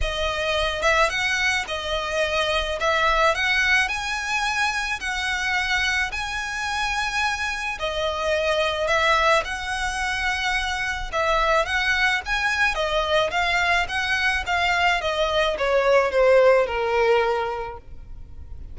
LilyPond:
\new Staff \with { instrumentName = "violin" } { \time 4/4 \tempo 4 = 108 dis''4. e''8 fis''4 dis''4~ | dis''4 e''4 fis''4 gis''4~ | gis''4 fis''2 gis''4~ | gis''2 dis''2 |
e''4 fis''2. | e''4 fis''4 gis''4 dis''4 | f''4 fis''4 f''4 dis''4 | cis''4 c''4 ais'2 | }